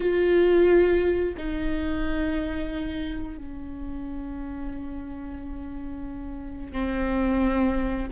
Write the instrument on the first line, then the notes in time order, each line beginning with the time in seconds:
viola
0.00 F4
1.37 D#4
3.37 C#4
6.72 C4